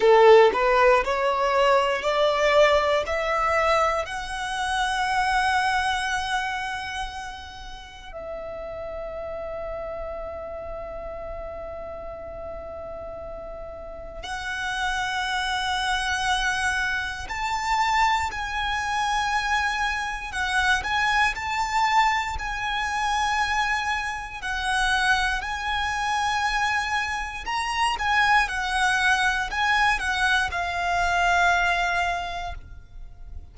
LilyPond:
\new Staff \with { instrumentName = "violin" } { \time 4/4 \tempo 4 = 59 a'8 b'8 cis''4 d''4 e''4 | fis''1 | e''1~ | e''2 fis''2~ |
fis''4 a''4 gis''2 | fis''8 gis''8 a''4 gis''2 | fis''4 gis''2 ais''8 gis''8 | fis''4 gis''8 fis''8 f''2 | }